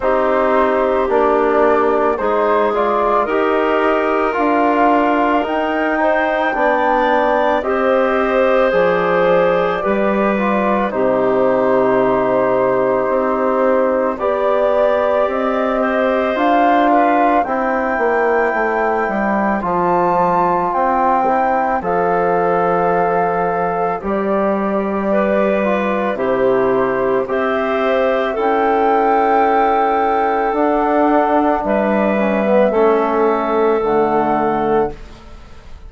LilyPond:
<<
  \new Staff \with { instrumentName = "flute" } { \time 4/4 \tempo 4 = 55 c''4 d''4 c''8 d''8 dis''4 | f''4 g''2 dis''4 | d''2 c''2~ | c''4 d''4 dis''4 f''4 |
g''2 a''4 g''4 | f''2 d''2 | c''4 e''4 g''2 | fis''4 e''2 fis''4 | }
  \new Staff \with { instrumentName = "clarinet" } { \time 4/4 g'2 gis'4 ais'4~ | ais'4. c''8 d''4 c''4~ | c''4 b'4 g'2~ | g'4 d''4. c''4 b'8 |
c''1~ | c''2. b'4 | g'4 c''4 a'2~ | a'4 b'4 a'2 | }
  \new Staff \with { instrumentName = "trombone" } { \time 4/4 dis'4 d'4 dis'8 f'8 g'4 | f'4 dis'4 d'4 g'4 | gis'4 g'8 f'8 dis'2~ | dis'4 g'2 f'4 |
e'2 f'4. e'8 | a'2 g'4. f'8 | e'4 g'4 e'2 | d'4. cis'16 b16 cis'4 a4 | }
  \new Staff \with { instrumentName = "bassoon" } { \time 4/4 c'4 ais4 gis4 dis'4 | d'4 dis'4 b4 c'4 | f4 g4 c2 | c'4 b4 c'4 d'4 |
c'8 ais8 a8 g8 f4 c'4 | f2 g2 | c4 c'4 cis'2 | d'4 g4 a4 d4 | }
>>